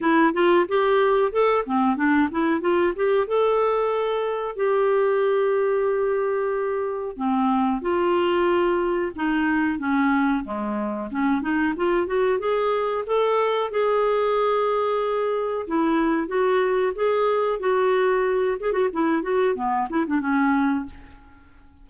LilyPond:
\new Staff \with { instrumentName = "clarinet" } { \time 4/4 \tempo 4 = 92 e'8 f'8 g'4 a'8 c'8 d'8 e'8 | f'8 g'8 a'2 g'4~ | g'2. c'4 | f'2 dis'4 cis'4 |
gis4 cis'8 dis'8 f'8 fis'8 gis'4 | a'4 gis'2. | e'4 fis'4 gis'4 fis'4~ | fis'8 gis'16 fis'16 e'8 fis'8 b8 e'16 d'16 cis'4 | }